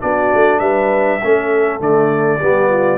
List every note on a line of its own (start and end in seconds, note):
0.00 0.33 B3
0.00 1.20 D4
0.00 0.60 F#4
0.00 0.59 D5
0.34 0.60 A3
0.59 1.20 G3
0.59 1.20 B4
0.59 1.79 E5
1.22 1.80 A3
1.22 1.79 C#4
1.22 2.39 A4
1.79 2.40 D3
1.79 2.39 A3
1.79 2.97 D5
2.39 2.97 G3
2.39 2.97 B3
2.39 2.69 G4
2.69 2.97 F4